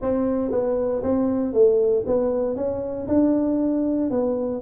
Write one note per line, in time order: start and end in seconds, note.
0.01 0.51 C4
0.51 1.02 B3
1.03 1.53 C4
1.53 2.04 A3
2.06 2.55 B3
2.55 3.07 C#4
3.07 4.10 D4
4.10 4.61 B3